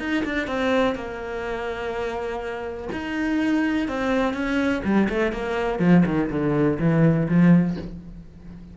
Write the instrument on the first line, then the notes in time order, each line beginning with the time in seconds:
cello
0.00 D#4
0.25 D4
0.48 C4
0.95 A#3
2.93 D#4
3.88 C4
4.34 C#4
4.85 G3
5.09 A3
5.33 A#3
5.80 F3
6.06 D#3
6.30 D3
6.80 E3
7.29 F3